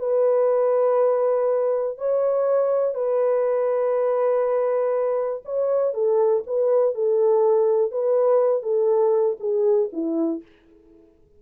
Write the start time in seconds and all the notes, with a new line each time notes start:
0.00 B4
1.98 C#5
2.95 B4
5.46 C#5
5.94 A4
6.47 B4
6.95 A4
7.92 B4
8.63 A4
9.40 G#4
9.93 E4